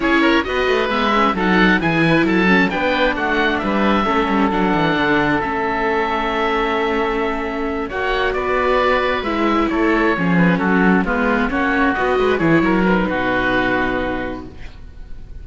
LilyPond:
<<
  \new Staff \with { instrumentName = "oboe" } { \time 4/4 \tempo 4 = 133 cis''4 dis''4 e''4 fis''4 | gis''4 a''4 g''4 fis''4 | e''2 fis''2 | e''1~ |
e''4. fis''4 d''4.~ | d''8 e''4 cis''4. b'8 a'8~ | a'8 b'4 cis''4 dis''4 cis''8~ | cis''8 b'2.~ b'8 | }
  \new Staff \with { instrumentName = "oboe" } { \time 4/4 gis'8 ais'8 b'2 a'4 | gis'8 b'8 a'4 b'4 fis'4 | b'4 a'2.~ | a'1~ |
a'4. cis''4 b'4.~ | b'4. a'4 gis'4 fis'8~ | fis'8 f'4 fis'4. b'8 gis'8 | ais'4 fis'2. | }
  \new Staff \with { instrumentName = "viola" } { \time 4/4 e'4 fis'4 b8 cis'8 dis'4 | e'4. cis'8 d'2~ | d'4 cis'4 d'2 | cis'1~ |
cis'4. fis'2~ fis'8~ | fis'8 e'2 cis'4.~ | cis'8 b4 cis'4 fis'4 e'8~ | e'8 dis'2.~ dis'8 | }
  \new Staff \with { instrumentName = "cello" } { \time 4/4 cis'4 b8 a8 gis4 fis4 | e4 fis4 b4 a4 | g4 a8 g8 fis8 e8 d4 | a1~ |
a4. ais4 b4.~ | b8 gis4 a4 f4 fis8~ | fis8 gis4 ais4 b8 gis8 e8 | fis4 b,2. | }
>>